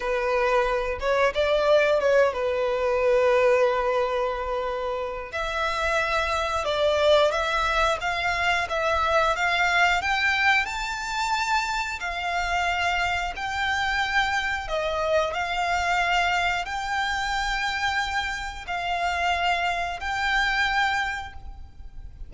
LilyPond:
\new Staff \with { instrumentName = "violin" } { \time 4/4 \tempo 4 = 90 b'4. cis''8 d''4 cis''8 b'8~ | b'1 | e''2 d''4 e''4 | f''4 e''4 f''4 g''4 |
a''2 f''2 | g''2 dis''4 f''4~ | f''4 g''2. | f''2 g''2 | }